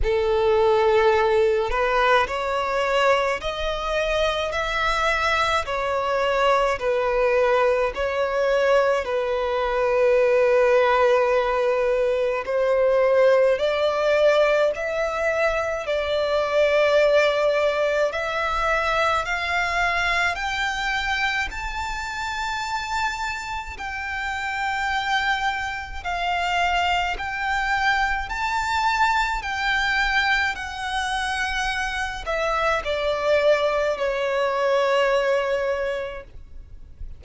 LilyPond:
\new Staff \with { instrumentName = "violin" } { \time 4/4 \tempo 4 = 53 a'4. b'8 cis''4 dis''4 | e''4 cis''4 b'4 cis''4 | b'2. c''4 | d''4 e''4 d''2 |
e''4 f''4 g''4 a''4~ | a''4 g''2 f''4 | g''4 a''4 g''4 fis''4~ | fis''8 e''8 d''4 cis''2 | }